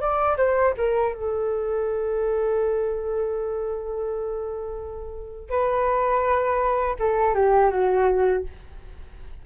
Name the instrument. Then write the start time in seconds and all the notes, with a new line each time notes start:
flute
0.00 D5
0.37 C5
0.77 A#4
1.14 A4
5.49 B4
6.99 A4
7.34 G4
7.70 F#4